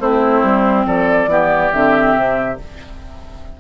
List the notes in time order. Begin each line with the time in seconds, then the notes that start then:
0.00 A3 C4 E4 C5
0.43 G3
0.86 F3 A4 D5
1.27 E3 B3 G4
1.72 D3 C4 E5
2.16 C3